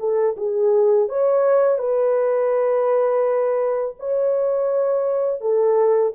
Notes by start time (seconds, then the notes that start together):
0.00 A4
0.37 G#4
1.09 C#5
1.79 B4
4.00 C#5
5.41 A4